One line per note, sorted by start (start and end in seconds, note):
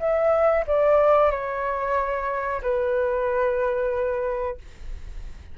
0.00 0.65 E5
0.67 1.31 D5
1.31 2.62 C#5
2.63 4.59 B4